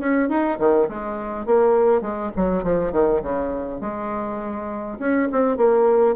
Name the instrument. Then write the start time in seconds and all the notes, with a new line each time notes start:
bassoon
0.00 C#4
0.29 D#4
0.59 D#3
0.89 G#3
1.46 A#3
2.02 G#3
2.36 F#3
2.64 F3
2.92 D#3
3.22 C#3
3.81 G#3
4.99 C#4
5.32 C4
5.57 A#3